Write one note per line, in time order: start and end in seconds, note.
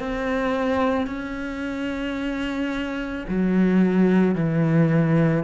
0.00 1.07 C4
1.07 3.25 C#4
3.29 4.35 F#3
4.35 5.44 E3